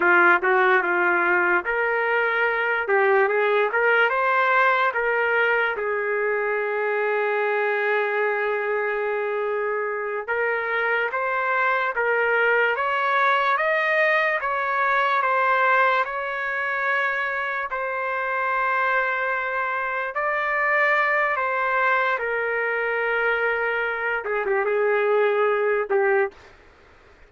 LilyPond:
\new Staff \with { instrumentName = "trumpet" } { \time 4/4 \tempo 4 = 73 f'8 fis'8 f'4 ais'4. g'8 | gis'8 ais'8 c''4 ais'4 gis'4~ | gis'1~ | gis'8 ais'4 c''4 ais'4 cis''8~ |
cis''8 dis''4 cis''4 c''4 cis''8~ | cis''4. c''2~ c''8~ | c''8 d''4. c''4 ais'4~ | ais'4. gis'16 g'16 gis'4. g'8 | }